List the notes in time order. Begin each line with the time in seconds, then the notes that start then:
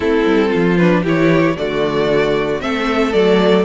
0.00 A3 C4 E4 A4
0.25 G3
0.49 F4
0.55 F3
0.77 D4 B4
1.02 E3 E4 G4 C#5
1.57 D3 A3 F#4 D5
2.60 A3 C4 A4 E5
3.12 F#3 A3 D5